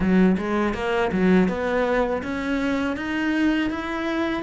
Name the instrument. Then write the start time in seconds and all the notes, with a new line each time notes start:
cello
0.00 F#3
0.37 G#3
0.74 A#3
1.12 F#3
1.48 B3
2.23 C#4
2.96 D#4
3.70 E4